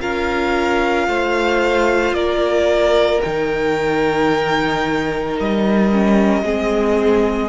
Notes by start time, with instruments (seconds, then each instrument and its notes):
0.00 cello C#4, viola F4, violin A#4 F5
1.08 cello A3, violin C5
2.12 cello A#3, violin A#4 D5
3.22 cello D#3, viola D#4, violin G5
5.40 cello G3, violin D#5
5.91 viola C#4
6.42 cello G#3, viola C4, violin G#4